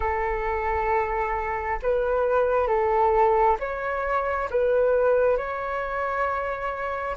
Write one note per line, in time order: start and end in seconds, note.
0.00 1.79 A4
1.82 2.67 B4
2.67 3.57 A4
3.59 4.49 C#5
4.50 5.37 B4
5.37 7.16 C#5